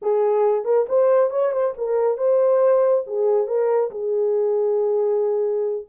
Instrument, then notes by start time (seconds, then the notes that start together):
horn
0.02 G#4
0.64 A#4
0.88 C5
1.30 C#5
1.52 C5
1.77 A#4
2.17 C5
3.06 G#4
3.47 A#4
3.90 G#4